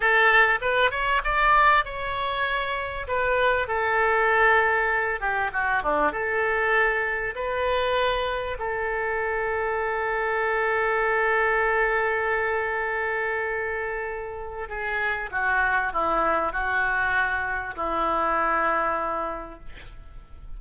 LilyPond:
\new Staff \with { instrumentName = "oboe" } { \time 4/4 \tempo 4 = 98 a'4 b'8 cis''8 d''4 cis''4~ | cis''4 b'4 a'2~ | a'8 g'8 fis'8 d'8 a'2 | b'2 a'2~ |
a'1~ | a'1 | gis'4 fis'4 e'4 fis'4~ | fis'4 e'2. | }